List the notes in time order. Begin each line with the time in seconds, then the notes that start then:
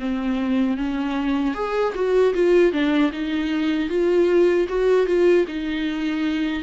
0.00 C4
0.78 C#4
1.55 G#4
1.95 F#4
2.34 F4
2.73 D4
3.13 D#4
3.90 F4
4.69 F#4
5.07 F4
5.48 D#4